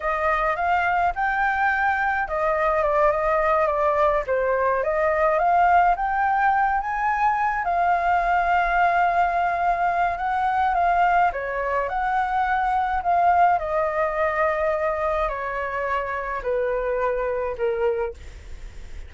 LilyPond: \new Staff \with { instrumentName = "flute" } { \time 4/4 \tempo 4 = 106 dis''4 f''4 g''2 | dis''4 d''8 dis''4 d''4 c''8~ | c''8 dis''4 f''4 g''4. | gis''4. f''2~ f''8~ |
f''2 fis''4 f''4 | cis''4 fis''2 f''4 | dis''2. cis''4~ | cis''4 b'2 ais'4 | }